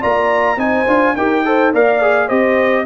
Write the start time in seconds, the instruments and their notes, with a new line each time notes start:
0.00 tuba A#3, trombone F4, horn D5, trumpet A#5
0.56 tuba C4, trombone D#4, horn C5, trumpet G#5
0.86 tuba D4, trombone F4
1.15 tuba D#4, trombone G4, horn A#4, trumpet G5
1.45 trombone A4, horn C5
1.73 tuba A#3, trombone A#4, horn D5, trumpet F5
2.01 trombone G#4
2.26 tuba C4, trombone G4, horn C5, trumpet D#5